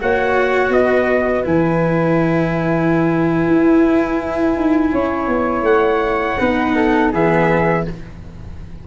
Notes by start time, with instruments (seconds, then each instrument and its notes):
0.00 tuba A#3, cello F#4, flute C#5, trumpet F#5
0.69 tuba B3, flute B4, trumpet D#5
1.43 tuba E3, cello E4, trumpet G#5
3.47 tuba E4
4.55 tuba D#4
4.93 tuba C#4, flute C#5
5.27 tuba B3
5.62 tuba A3, trumpet F#5
6.39 tuba B3, cello D#4, flute B4
6.75 flute A4
7.12 tuba E3, cello B3, flute G#4, trumpet E5